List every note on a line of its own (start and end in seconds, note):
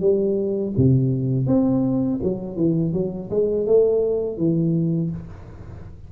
0.00 0.73 G3
0.77 1.47 C3
1.47 2.20 C4
2.23 2.56 F#3
2.56 2.93 E3
2.93 3.30 F#3
3.30 3.67 G#3
3.67 4.37 A3
4.37 5.11 E3